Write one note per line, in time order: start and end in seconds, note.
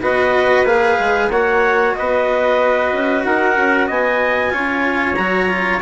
0.00 0.64 B3
0.00 0.66 F#4
0.00 1.31 B4
0.00 0.66 D#5
0.64 0.97 A#3
0.64 1.31 G#4
0.64 1.30 F5
0.99 1.29 G#3
1.29 1.93 A#3
1.29 4.50 F#4
1.29 1.95 C#5
1.29 1.95 F#5
1.95 2.92 B3
1.95 3.26 B4
1.95 3.23 D#5
2.92 3.24 C#4
3.23 3.57 D#4
3.23 3.87 A#4
3.23 3.87 F#5
3.57 3.89 C#4
3.87 4.53 B3
3.87 4.52 D#5
3.87 5.15 G#5
4.50 5.17 C#4
4.50 5.15 F4
4.50 5.82 C#5
5.15 5.82 F#3
5.15 5.49 F#4
5.15 5.79 A#5
5.49 5.81 F4